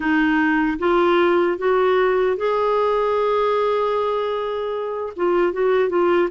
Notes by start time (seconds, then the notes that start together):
0.00 D#4
0.79 F4
1.58 F#4
2.36 G#4
5.16 F4
5.52 F#4
5.89 F4